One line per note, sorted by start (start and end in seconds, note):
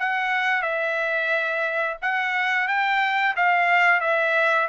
0.00 0.63 F#5
0.63 1.98 E5
2.02 2.68 F#5
2.68 3.36 G5
3.36 4.01 F5
4.01 4.69 E5